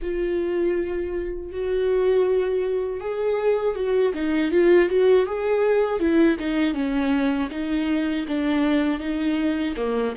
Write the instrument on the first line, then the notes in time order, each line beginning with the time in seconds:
viola
0.02 F4
1.51 F#4
3.00 G#4
3.75 F#4
4.14 D#4
4.51 F4
4.89 F#4
5.26 G#4
5.99 E4
6.39 D#4
6.73 C#4
7.50 D#4
8.27 D4
8.99 D#4
9.76 A#3